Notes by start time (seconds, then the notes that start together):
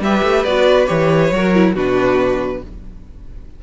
0.00 G3 G4 B4 E5
0.23 A3
0.44 B3 F#4 D5
0.86 E3 G4 C#5
1.31 F#3 F#4 A#4
1.54 E4
1.74 B2 D4 F#4 B4